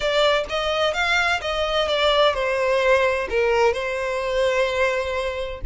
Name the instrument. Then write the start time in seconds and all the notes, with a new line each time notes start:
violin
0.00 D5
0.49 D#5
0.93 F5
1.41 D#5
1.87 D5
2.34 C5
3.29 A#4
3.73 C5